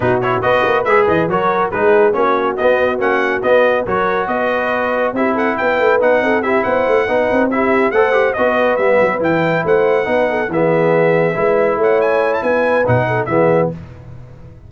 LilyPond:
<<
  \new Staff \with { instrumentName = "trumpet" } { \time 4/4 \tempo 4 = 140 b'8 cis''8 dis''4 e''8 dis''8 cis''4 | b'4 cis''4 dis''4 fis''4 | dis''4 cis''4 dis''2 | e''8 fis''8 g''4 fis''4 e''8 fis''8~ |
fis''4. e''4 fis''4 dis''8~ | dis''8 e''4 g''4 fis''4.~ | fis''8 e''2. fis''8 | gis''8. a''16 gis''4 fis''4 e''4 | }
  \new Staff \with { instrumentName = "horn" } { \time 4/4 fis'4 b'2 ais'4 | gis'4 fis'2.~ | fis'4 ais'4 b'2 | g'8 a'8 b'4. a'8 g'8 c''8~ |
c''8 b'4 g'4 c''4 b'8~ | b'2~ b'8 c''4 b'8 | a'8 gis'2 b'4 cis''8~ | cis''4 b'4. a'8 gis'4 | }
  \new Staff \with { instrumentName = "trombone" } { \time 4/4 dis'8 e'8 fis'4 gis'4 fis'4 | dis'4 cis'4 b4 cis'4 | b4 fis'2. | e'2 dis'4 e'4~ |
e'8 dis'4 e'4 a'8 g'8 fis'8~ | fis'8 b4 e'2 dis'8~ | dis'8 b2 e'4.~ | e'2 dis'4 b4 | }
  \new Staff \with { instrumentName = "tuba" } { \time 4/4 b,4 b8 ais8 gis8 e8 fis4 | gis4 ais4 b4 ais4 | b4 fis4 b2 | c'4 b8 a8 b8 c'4 b8 |
a8 b8 c'4. a4 b8~ | b8 g8 fis8 e4 a4 b8~ | b8 e2 gis4 a8~ | a4 b4 b,4 e4 | }
>>